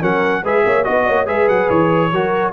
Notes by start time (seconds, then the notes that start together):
0.00 F#3 C#4 A#4 F#5
0.43 G#3 G#4 B4 E5
0.65 A#3 C#5
0.84 B3 F#4 D#5
1.07 A#3 C#5
1.26 G#3 G#4 B4 E5
1.48 F#3 F#5
1.69 E3 C#5
2.12 F#3 F#4 A#4